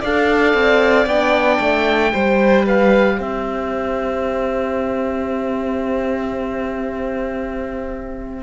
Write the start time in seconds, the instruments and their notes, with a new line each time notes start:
0.00 cello D4, horn A4, violin D5, oboe F5
0.54 cello C4
1.06 cello B3, horn D4, oboe G5
1.60 cello A3
2.11 cello G3, horn G4, violin C5
2.65 violin B4, oboe F5
3.16 cello C4, violin C5, oboe E5